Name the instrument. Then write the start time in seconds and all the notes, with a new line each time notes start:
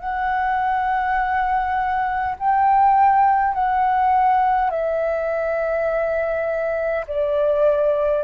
flute
0.00 F#5
2.39 G5
3.54 F#5
4.71 E5
7.07 D5